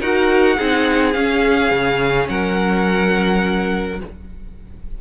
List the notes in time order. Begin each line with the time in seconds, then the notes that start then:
0.00 D#4 F#4 A#4 F#5
0.57 C4 D#4 G#4
1.13 C#4 F5
1.71 C#3
2.29 F#3 A#4 F#5